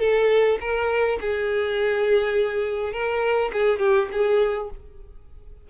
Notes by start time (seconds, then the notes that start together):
0.00 A4
0.61 A#4
1.20 G#4
2.93 A#4
3.53 G#4
3.79 G4
4.12 G#4